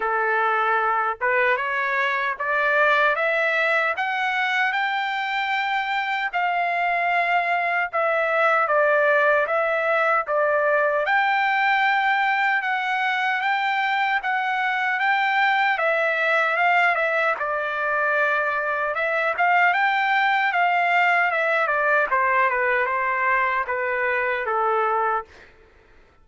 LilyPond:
\new Staff \with { instrumentName = "trumpet" } { \time 4/4 \tempo 4 = 76 a'4. b'8 cis''4 d''4 | e''4 fis''4 g''2 | f''2 e''4 d''4 | e''4 d''4 g''2 |
fis''4 g''4 fis''4 g''4 | e''4 f''8 e''8 d''2 | e''8 f''8 g''4 f''4 e''8 d''8 | c''8 b'8 c''4 b'4 a'4 | }